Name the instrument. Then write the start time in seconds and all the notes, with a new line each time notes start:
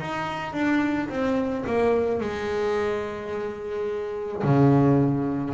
double bass
0.00 D#4
0.54 D4
1.10 C4
1.67 A#3
2.21 G#3
4.44 C#3